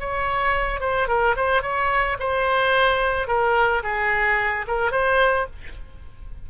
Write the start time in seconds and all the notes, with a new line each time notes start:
0.00 C#5
0.80 C5
1.08 A#4
1.36 C5
1.62 C#5
2.19 C5
3.28 A#4
3.83 G#4
4.68 A#4
4.91 C5